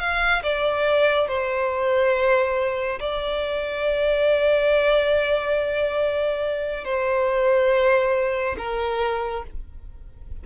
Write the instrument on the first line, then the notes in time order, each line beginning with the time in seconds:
violin
0.00 F5
0.43 D5
1.28 C5
3.00 D5
6.85 C5
8.58 A#4